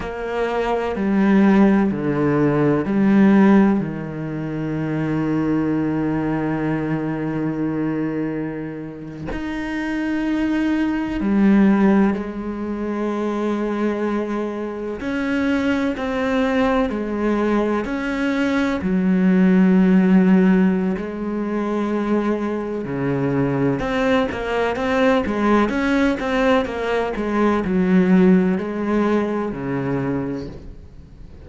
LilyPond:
\new Staff \with { instrumentName = "cello" } { \time 4/4 \tempo 4 = 63 ais4 g4 d4 g4 | dis1~ | dis4.~ dis16 dis'2 g16~ | g8. gis2. cis'16~ |
cis'8. c'4 gis4 cis'4 fis16~ | fis2 gis2 | cis4 c'8 ais8 c'8 gis8 cis'8 c'8 | ais8 gis8 fis4 gis4 cis4 | }